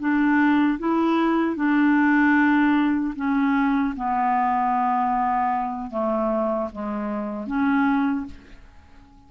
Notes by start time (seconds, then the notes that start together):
0.00 D4
0.79 E4
1.56 D4
3.16 C#4
3.96 B3
5.91 A3
6.72 G#3
7.47 C#4